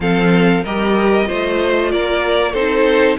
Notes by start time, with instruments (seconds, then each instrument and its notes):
0.00 cello F3, viola C4, violin A4 F5
0.63 cello G3, viola G4, violin A#4 D#5
1.25 cello A3, viola F4, violin C5
1.91 cello A#3, violin A#4 D5
2.52 cello C4, viola D#4, violin A4 C5